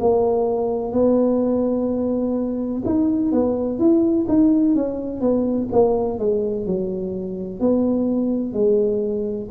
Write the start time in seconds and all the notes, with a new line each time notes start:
0.00 A#3
0.92 B3
2.85 D#4
3.32 B3
3.79 E4
4.28 D#4
4.75 C#4
5.20 B3
5.72 A#3
6.19 G#3
6.66 F#3
7.60 B3
8.53 G#3